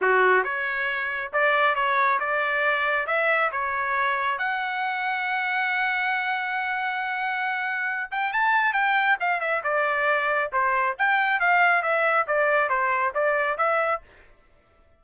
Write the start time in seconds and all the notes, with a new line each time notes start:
0.01 F#4
0.43 C#5
1.33 D5
1.75 C#5
2.19 D5
3.07 E5
3.51 C#5
4.38 F#5
8.11 G5
8.32 A5
8.73 G5
9.20 F5
9.40 E5
9.63 D5
10.52 C5
10.98 G5
11.39 F5
11.82 E5
12.27 D5
12.69 C5
13.14 D5
13.57 E5